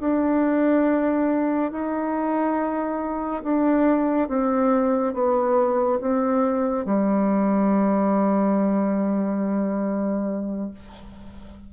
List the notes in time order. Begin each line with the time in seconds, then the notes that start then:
0.00 D4
1.71 D#4
3.43 D4
4.28 C4
5.14 B3
6.00 C4
6.85 G3